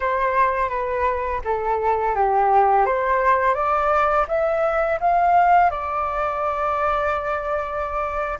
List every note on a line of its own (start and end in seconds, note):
0.00 0.69 C5
0.69 1.40 B4
1.44 2.15 A4
2.15 2.85 G4
2.85 3.54 C5
3.54 4.26 D5
4.28 4.99 E5
5.00 5.70 F5
5.70 8.38 D5